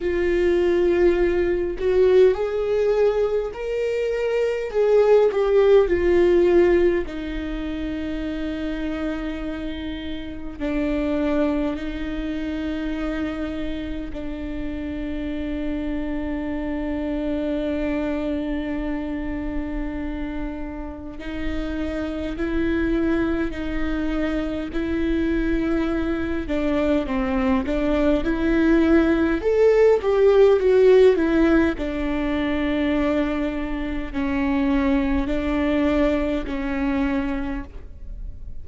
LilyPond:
\new Staff \with { instrumentName = "viola" } { \time 4/4 \tempo 4 = 51 f'4. fis'8 gis'4 ais'4 | gis'8 g'8 f'4 dis'2~ | dis'4 d'4 dis'2 | d'1~ |
d'2 dis'4 e'4 | dis'4 e'4. d'8 c'8 d'8 | e'4 a'8 g'8 fis'8 e'8 d'4~ | d'4 cis'4 d'4 cis'4 | }